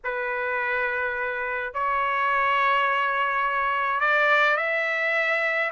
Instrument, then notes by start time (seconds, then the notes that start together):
trumpet
0.04 B4
1.73 C#5
4.00 D5
4.56 E5